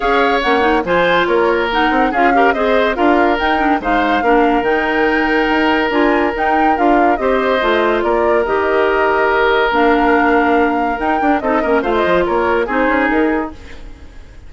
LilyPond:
<<
  \new Staff \with { instrumentName = "flute" } { \time 4/4 \tempo 4 = 142 f''4 fis''4 gis''4 cis''4 | fis''4 f''4 dis''4 f''4 | g''4 f''2 g''4~ | g''2 gis''4 g''4 |
f''4 dis''2 d''4 | dis''2. f''4~ | f''2 g''4 dis''4 | f''16 dis''8. cis''4 c''4 ais'4 | }
  \new Staff \with { instrumentName = "oboe" } { \time 4/4 cis''2 c''4 ais'4~ | ais'4 gis'8 ais'8 c''4 ais'4~ | ais'4 c''4 ais'2~ | ais'1~ |
ais'4 c''2 ais'4~ | ais'1~ | ais'2. a'8 ais'8 | c''4 ais'4 gis'2 | }
  \new Staff \with { instrumentName = "clarinet" } { \time 4/4 gis'4 cis'8 dis'8 f'2 | dis'4 f'8 g'8 gis'4 f'4 | dis'8 d'8 dis'4 d'4 dis'4~ | dis'2 f'4 dis'4 |
f'4 g'4 f'2 | g'2. d'4~ | d'2 dis'8 d'8 dis'8 cis'8 | f'2 dis'2 | }
  \new Staff \with { instrumentName = "bassoon" } { \time 4/4 cis'4 ais4 f4 ais4~ | ais8 c'8 cis'4 c'4 d'4 | dis'4 gis4 ais4 dis4~ | dis4 dis'4 d'4 dis'4 |
d'4 c'4 a4 ais4 | dis2. ais4~ | ais2 dis'8 d'8 c'8 ais8 | a8 f8 ais4 c'8 cis'8 dis'4 | }
>>